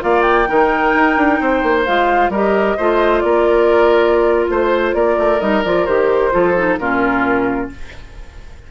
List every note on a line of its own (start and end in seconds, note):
0.00 0.49 A#3
0.00 0.46 F4
0.00 0.48 D5
0.00 0.21 F5
0.21 1.81 G5
0.47 0.94 D#3
0.47 1.85 D#4
0.47 1.40 A#4
0.94 1.17 D#4
1.17 1.40 D4
1.40 1.62 C4
1.40 2.31 C5
1.62 1.85 A#3
1.85 2.29 G#3
1.85 2.32 F4
1.85 2.31 F5
2.29 2.75 G3
2.29 2.78 G4
2.29 2.76 A#4
2.29 3.20 D#5
2.76 3.23 A3
2.76 5.40 F4
2.76 3.22 C5
3.20 4.49 A#3
3.20 4.51 A#4
3.20 4.46 D5
4.49 4.94 A3
4.49 4.94 C5
4.49 4.95 C5
4.94 5.16 A#3
4.94 6.32 A#4
4.94 5.40 D5
5.18 5.41 A3
5.40 5.64 G3
5.40 5.62 D#4
5.40 5.63 D#5
5.63 5.87 F3
5.63 5.87 F4
5.63 5.85 D5
5.85 6.33 D#3
5.85 6.31 G4
5.85 6.77 C5
6.31 6.78 F3
6.31 6.54 F4
6.31 6.79 A4
6.56 6.79 D#4
6.78 7.70 A#2
6.78 7.71 C#4
6.78 7.71 F4
6.78 7.69 A#4